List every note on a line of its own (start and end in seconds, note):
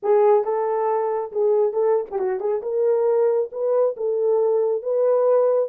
0.02 0.44 G#4
0.44 1.31 A4
1.32 1.72 G#4
1.72 2.05 A4
2.11 2.19 G4
2.19 2.39 F#4
2.39 2.61 G#4
2.62 3.50 A#4
3.52 3.95 B4
3.96 4.82 A4
4.82 5.69 B4